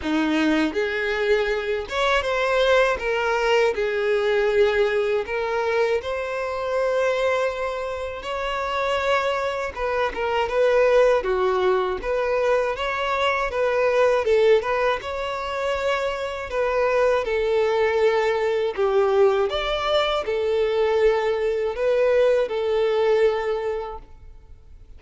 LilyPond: \new Staff \with { instrumentName = "violin" } { \time 4/4 \tempo 4 = 80 dis'4 gis'4. cis''8 c''4 | ais'4 gis'2 ais'4 | c''2. cis''4~ | cis''4 b'8 ais'8 b'4 fis'4 |
b'4 cis''4 b'4 a'8 b'8 | cis''2 b'4 a'4~ | a'4 g'4 d''4 a'4~ | a'4 b'4 a'2 | }